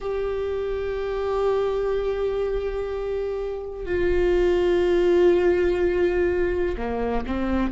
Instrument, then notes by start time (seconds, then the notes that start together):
viola
0.00 G4
3.85 F4
6.77 A#3
7.26 C4